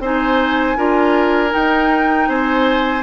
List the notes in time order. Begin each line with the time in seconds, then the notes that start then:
0.00 C4 D#4 C5 G#5
0.77 D4 F4 A#4
1.49 D#4 G5
2.28 C4 C5 G#5